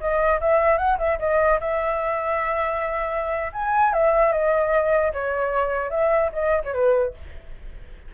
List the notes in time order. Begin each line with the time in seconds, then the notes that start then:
0.00 D#5
0.40 E5
0.78 F#5
0.98 E5
1.19 D#5
1.60 E5
3.53 G#5
3.93 E5
4.32 D#5
5.13 C#5
5.90 E5
6.33 D#5
6.64 C#5
6.74 B4